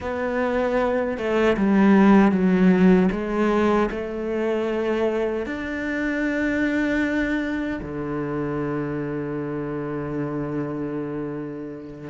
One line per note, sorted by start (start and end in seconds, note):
0.00 1.17 B3
1.17 1.56 A3
1.56 2.31 G3
2.31 3.09 F#3
3.11 3.89 G#3
3.91 5.45 A3
5.45 7.79 D4
7.81 12.10 D3